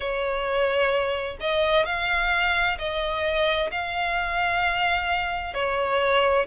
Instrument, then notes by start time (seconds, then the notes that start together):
violin
0.00 C#5
1.40 D#5
1.85 F5
2.78 D#5
3.71 F5
5.54 C#5